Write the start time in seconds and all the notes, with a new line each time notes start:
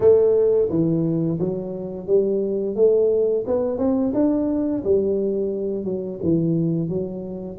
0.00 A3
0.69 E3
1.39 F#3
2.06 G3
2.75 A3
3.46 B3
3.78 C4
4.14 D4
4.84 G3
5.84 F#3
6.22 E3
6.88 F#3